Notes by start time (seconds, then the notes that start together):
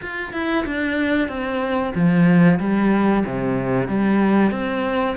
0.01 F4
0.32 E4
0.65 D4
1.28 C4
1.94 F3
2.59 G3
3.26 C3
3.87 G3
4.51 C4